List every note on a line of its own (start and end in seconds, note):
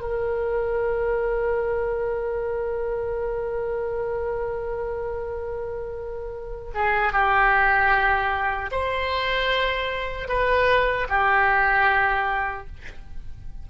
0.00 6.71 A#4
6.74 7.13 G#4
7.13 8.71 G4
8.71 10.28 C5
10.28 11.07 B4
11.09 12.67 G4